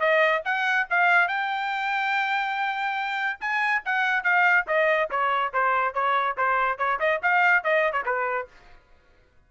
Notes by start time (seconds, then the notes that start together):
0.00 D#5
0.45 F#5
0.90 F5
1.28 G5
3.40 G#5
3.85 F#5
4.23 F5
4.67 D#5
5.10 C#5
5.53 C5
5.94 C#5
6.37 C5
6.78 C#5
6.99 D#5
7.23 F5
7.64 D#5
7.92 C#5
8.06 B4